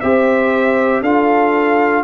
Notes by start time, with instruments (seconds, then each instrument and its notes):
0.00 tuba C4, trombone G4, horn C5, trumpet E5
1.01 tuba D4, trombone F4, horn A4, trumpet F5